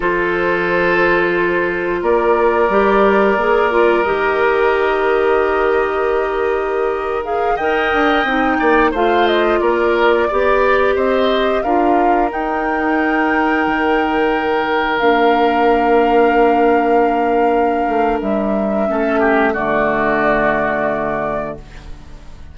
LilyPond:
<<
  \new Staff \with { instrumentName = "flute" } { \time 4/4 \tempo 4 = 89 c''2. d''4~ | d''2 dis''2~ | dis''2~ dis''8. f''8 g''8.~ | g''4~ g''16 f''8 dis''8 d''4.~ d''16~ |
d''16 dis''4 f''4 g''4.~ g''16~ | g''2~ g''16 f''4.~ f''16~ | f''2. e''4~ | e''4 d''2. | }
  \new Staff \with { instrumentName = "oboe" } { \time 4/4 a'2. ais'4~ | ais'1~ | ais'2.~ ais'16 dis''8.~ | dis''8. d''8 c''4 ais'4 d''8.~ |
d''16 c''4 ais'2~ ais'8.~ | ais'1~ | ais'1 | a'8 g'8 fis'2. | }
  \new Staff \with { instrumentName = "clarinet" } { \time 4/4 f'1 | g'4 gis'8 f'8 g'2~ | g'2~ g'8. gis'8 ais'8.~ | ais'16 dis'4 f'2 g'8.~ |
g'4~ g'16 f'4 dis'4.~ dis'16~ | dis'2~ dis'16 d'4.~ d'16~ | d'1 | cis'4 a2. | }
  \new Staff \with { instrumentName = "bassoon" } { \time 4/4 f2. ais4 | g4 ais4 dis2~ | dis2.~ dis16 dis'8 d'16~ | d'16 c'8 ais8 a4 ais4 b8.~ |
b16 c'4 d'4 dis'4.~ dis'16~ | dis'16 dis2 ais4.~ ais16~ | ais2~ ais8 a8 g4 | a4 d2. | }
>>